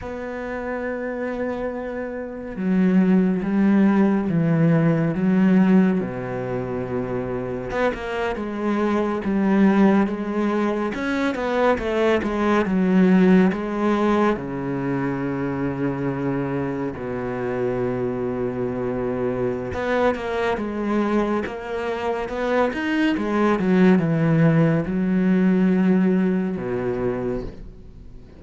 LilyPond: \new Staff \with { instrumentName = "cello" } { \time 4/4 \tempo 4 = 70 b2. fis4 | g4 e4 fis4 b,4~ | b,4 b16 ais8 gis4 g4 gis16~ | gis8. cis'8 b8 a8 gis8 fis4 gis16~ |
gis8. cis2. b,16~ | b,2. b8 ais8 | gis4 ais4 b8 dis'8 gis8 fis8 | e4 fis2 b,4 | }